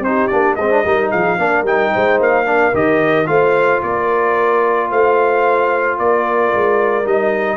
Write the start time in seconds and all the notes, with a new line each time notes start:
0.00 C4 D#4 C5
0.07 G4
0.27 A#3 D4 D5
0.56 G#3 C4 C5 D#5
0.70 D4
0.84 G3 D#4 A#4
1.10 F3 G#4 F5
1.38 A#3 D4 A#4
1.63 G3 D#4 G5
1.92 G#3 C5
2.19 A#3 F5
2.46 D4 A#4
2.74 D#3 G4 D#5
3.26 A3 F4 C5 F5
3.83 A#3 A#4 D5
4.90 A3 C5 F5
5.99 A#3 A#4 D5
6.54 G#3
7.05 G3 D#4 D#5